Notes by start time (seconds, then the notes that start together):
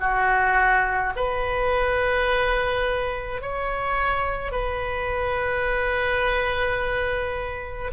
0.00 F#4
1.16 B4
3.42 C#5
4.51 B4